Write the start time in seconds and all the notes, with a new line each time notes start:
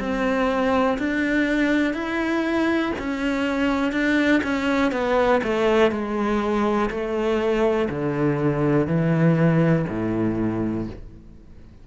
0.00 C4
0.99 D4
1.94 E4
2.99 C#4
3.93 D4
4.44 C#4
4.92 B3
5.44 A3
5.92 G#3
6.90 A3
7.90 D3
8.87 E3
9.89 A2